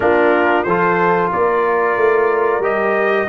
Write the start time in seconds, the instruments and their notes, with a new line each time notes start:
0.00 tuba A#3, trombone D4, horn F4, trumpet A#4
0.63 tuba F3, trombone F4, horn A4, trumpet C5
1.32 tuba A#3, horn A#4, trumpet D5
1.96 tuba A3
2.59 tuba G3, trombone G4, trumpet D#5